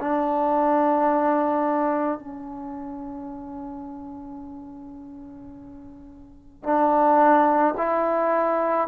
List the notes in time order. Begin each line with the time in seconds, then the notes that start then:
0.00 D4
2.19 C#4
6.63 D4
7.77 E4